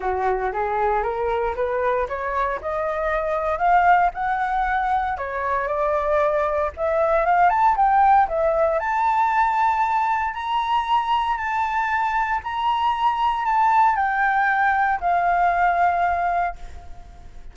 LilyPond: \new Staff \with { instrumentName = "flute" } { \time 4/4 \tempo 4 = 116 fis'4 gis'4 ais'4 b'4 | cis''4 dis''2 f''4 | fis''2 cis''4 d''4~ | d''4 e''4 f''8 a''8 g''4 |
e''4 a''2. | ais''2 a''2 | ais''2 a''4 g''4~ | g''4 f''2. | }